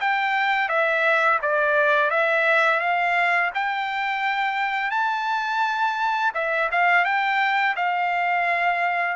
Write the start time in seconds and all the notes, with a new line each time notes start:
0.00 G5
0.68 E5
1.42 D5
2.10 E5
2.79 F5
3.54 G5
4.90 A5
6.34 E5
6.71 F5
7.04 G5
7.76 F5